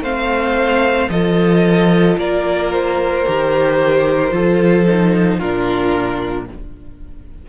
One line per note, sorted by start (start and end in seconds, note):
0.00 1.07 A3
0.00 1.10 C4
0.00 1.10 C5
0.00 1.10 F5
1.09 2.16 F3
1.09 3.25 F4
1.09 2.19 A4
1.09 2.17 D#5
2.17 3.24 A#3
2.17 4.33 A#4
2.17 2.71 D5
2.71 5.39 C5
3.25 4.32 D#3
3.25 4.30 G4
4.30 5.39 F3
4.30 4.84 F4
4.30 5.38 A4
4.87 5.41 D#4
5.38 6.49 A#2
5.38 6.48 D4
5.38 6.45 F4
5.38 6.46 A#4